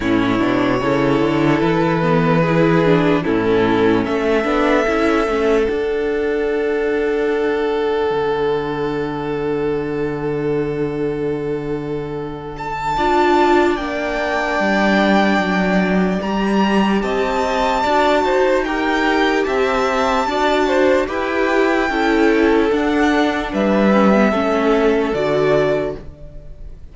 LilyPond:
<<
  \new Staff \with { instrumentName = "violin" } { \time 4/4 \tempo 4 = 74 cis''2 b'2 | a'4 e''2 fis''4~ | fis''1~ | fis''2.~ fis''8 a''8~ |
a''4 g''2. | ais''4 a''2 g''4 | a''2 g''2 | fis''4 e''2 d''4 | }
  \new Staff \with { instrumentName = "violin" } { \time 4/4 e'4 a'2 gis'4 | e'4 a'2.~ | a'1~ | a'1 |
d''1~ | d''4 dis''4 d''8 c''8 ais'4 | e''4 d''8 c''8 b'4 a'4~ | a'4 b'4 a'2 | }
  \new Staff \with { instrumentName = "viola" } { \time 4/4 cis'8 d'8 e'4. b8 e'8 d'8 | cis'4. d'8 e'8 cis'8 d'4~ | d'1~ | d'1 |
f'4 d'2. | g'2 fis'4 g'4~ | g'4 fis'4 g'4 e'4 | d'4. cis'16 b16 cis'4 fis'4 | }
  \new Staff \with { instrumentName = "cello" } { \time 4/4 a,8 b,8 cis8 d8 e2 | a,4 a8 b8 cis'8 a8 d'4~ | d'2 d2~ | d1 |
d'4 ais4 g4 fis4 | g4 c'4 d'8 dis'4. | c'4 d'4 e'4 cis'4 | d'4 g4 a4 d4 | }
>>